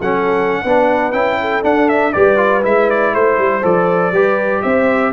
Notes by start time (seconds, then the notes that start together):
0.00 F#3 C#4 A4 F#5
0.64 B3 D4 B4
1.12 C#4 E4 G5
1.41 A4
1.62 D4 F#5
1.89 E5
2.13 G3 G4 B4 D5
2.37 F4
2.62 G#3 E4 E5
2.90 D5
3.13 A3 C5
3.38 G3
3.62 F3 A4 D5
4.11 G3 G4 B4
4.62 C4 C5 E5